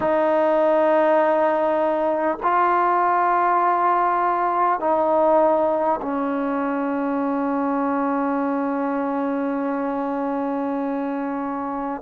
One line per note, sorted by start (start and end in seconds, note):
0.00 2.37 D#4
2.42 4.80 F4
4.80 6.00 D#4
6.01 12.01 C#4